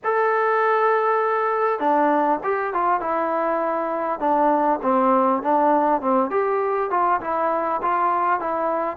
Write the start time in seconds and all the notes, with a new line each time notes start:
0.04 A4
1.79 D4
2.43 G4
2.73 F4
3.00 E4
4.19 D4
4.82 C4
5.42 D4
6.01 C4
6.30 G4
6.90 F4
7.21 E4
7.82 F4
8.39 E4